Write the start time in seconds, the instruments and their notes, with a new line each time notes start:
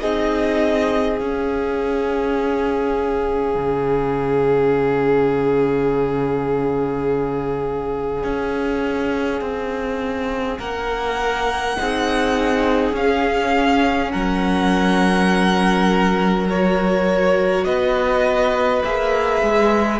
0.00 cello C4, viola D#4, violin G#4 D#5
1.17 viola C#4, cello C#4, violin F5
3.55 cello C#3
8.24 cello C#4
9.41 cello C4
10.59 cello A#3, violin A#4 F#5
11.76 cello C4, viola D#4, violin G#4
12.92 cello C#4, viola C#4, violin F5
14.11 cello F#3, violin A#4 F#5
16.50 viola F#4, violin C#5
17.64 cello B3, violin B4 D#5
18.83 cello A#3, viola G#4, violin E5
19.42 cello G#3